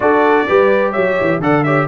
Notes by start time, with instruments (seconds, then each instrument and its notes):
0.00 tuba D4, trombone F#4, horn A4, trumpet D5
0.47 tuba G3, trombone G4, horn B4
0.91 tuba F#3, horn C#5, trumpet E5
1.20 tuba E3
1.39 tuba D3, trombone A4, horn D5, trumpet F#5
1.63 trombone G4, horn C#5, trumpet E5